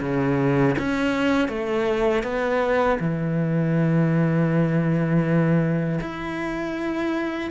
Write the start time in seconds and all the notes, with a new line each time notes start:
0.00 C#3
0.78 C#4
1.48 A3
2.23 B3
2.99 E3
6.00 E4